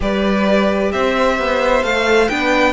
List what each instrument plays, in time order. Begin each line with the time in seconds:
0.00 cello G3, viola G4, violin B4 D5
0.92 cello C4, violin C5 E5
1.38 cello B3
1.83 cello A3, viola A4, violin F5
2.28 cello B3, viola D4, violin B4 G5